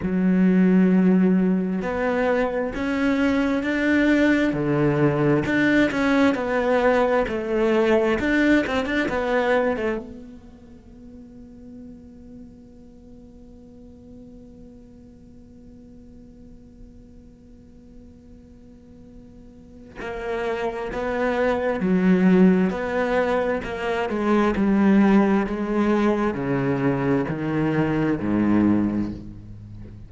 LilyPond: \new Staff \with { instrumentName = "cello" } { \time 4/4 \tempo 4 = 66 fis2 b4 cis'4 | d'4 d4 d'8 cis'8 b4 | a4 d'8 c'16 d'16 b8. a16 b4~ | b1~ |
b1~ | b2 ais4 b4 | fis4 b4 ais8 gis8 g4 | gis4 cis4 dis4 gis,4 | }